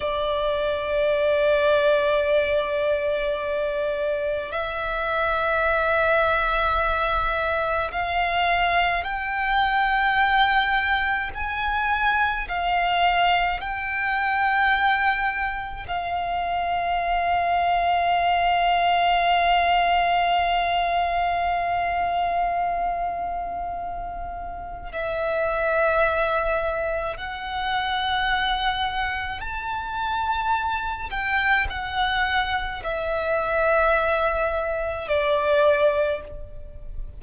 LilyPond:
\new Staff \with { instrumentName = "violin" } { \time 4/4 \tempo 4 = 53 d''1 | e''2. f''4 | g''2 gis''4 f''4 | g''2 f''2~ |
f''1~ | f''2 e''2 | fis''2 a''4. g''8 | fis''4 e''2 d''4 | }